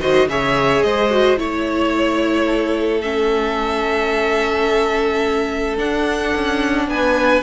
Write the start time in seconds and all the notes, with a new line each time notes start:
0.00 D#3 F#4 C5 D#5
0.27 C#3 G#4 C#5 E5
0.82 G#3 C5 D#5
1.10 F#4
1.36 A3 E4 C#5
2.46 A4
3.01 C#4 E5
5.77 D4 F#5
6.35 C#4
6.87 B3 B4 G#5